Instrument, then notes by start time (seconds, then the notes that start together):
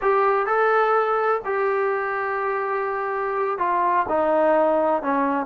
trombone
0.01 G4
0.46 A4
1.44 G4
3.58 F4
4.08 D#4
5.02 C#4